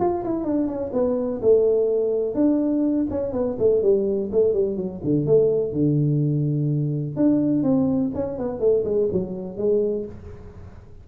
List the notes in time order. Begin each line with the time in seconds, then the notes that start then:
0.00 F4
0.24 E4
0.44 D4
0.67 C#4
0.93 B3
1.42 A3
2.35 D4
3.10 C#4
3.33 B3
3.58 A3
3.82 G3
4.32 A3
4.53 G3
4.76 F#3
5.04 D3
5.26 A3
5.73 D3
7.16 D4
7.63 C4
8.14 C#4
8.38 B3
8.60 A3
8.85 G#3
9.12 F#3
9.57 G#3